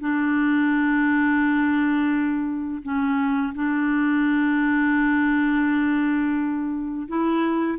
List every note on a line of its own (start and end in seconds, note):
0.00 2.82 D4
2.83 3.53 C#4
3.55 7.08 D4
7.08 7.78 E4